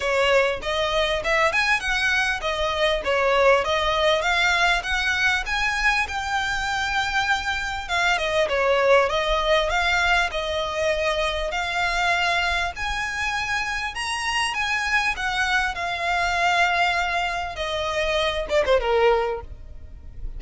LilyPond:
\new Staff \with { instrumentName = "violin" } { \time 4/4 \tempo 4 = 99 cis''4 dis''4 e''8 gis''8 fis''4 | dis''4 cis''4 dis''4 f''4 | fis''4 gis''4 g''2~ | g''4 f''8 dis''8 cis''4 dis''4 |
f''4 dis''2 f''4~ | f''4 gis''2 ais''4 | gis''4 fis''4 f''2~ | f''4 dis''4. d''16 c''16 ais'4 | }